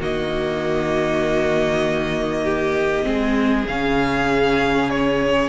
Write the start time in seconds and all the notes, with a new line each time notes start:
0.00 D#3 A#3 F#4 D#5
2.45 G4
3.03 G#3 C4 G#4
3.67 C#3 C#4 F5
4.90 C#5